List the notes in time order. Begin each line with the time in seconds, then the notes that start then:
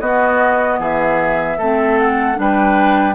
0.00 B3 F#4 D#5
0.79 E3 G#4 E5
1.58 A3 C4 A4
1.99 F#5
2.35 G3 D4 B4 G5